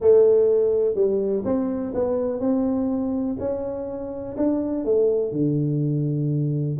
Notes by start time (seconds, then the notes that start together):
0.00 A3
0.94 G3
1.45 C4
1.94 B3
2.40 C4
3.39 C#4
4.37 D4
4.84 A3
5.32 D3